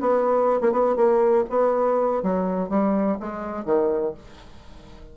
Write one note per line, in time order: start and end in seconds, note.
0.00 0.60 B3
0.60 0.72 A#3
0.72 0.96 B3
0.96 1.44 A#3
1.49 2.22 B3
2.23 2.69 F#3
2.69 3.18 G3
3.20 3.65 G#3
3.65 4.14 D#3